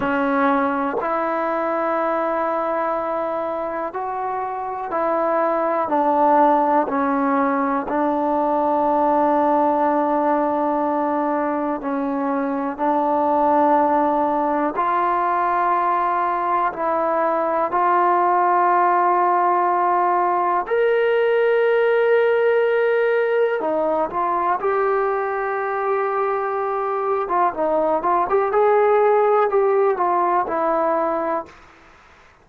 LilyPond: \new Staff \with { instrumentName = "trombone" } { \time 4/4 \tempo 4 = 61 cis'4 e'2. | fis'4 e'4 d'4 cis'4 | d'1 | cis'4 d'2 f'4~ |
f'4 e'4 f'2~ | f'4 ais'2. | dis'8 f'8 g'2~ g'8. f'16 | dis'8 f'16 g'16 gis'4 g'8 f'8 e'4 | }